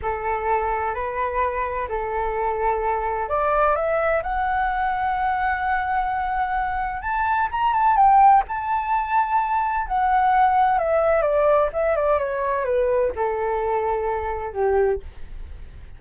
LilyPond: \new Staff \with { instrumentName = "flute" } { \time 4/4 \tempo 4 = 128 a'2 b'2 | a'2. d''4 | e''4 fis''2.~ | fis''2. a''4 |
ais''8 a''8 g''4 a''2~ | a''4 fis''2 e''4 | d''4 e''8 d''8 cis''4 b'4 | a'2. g'4 | }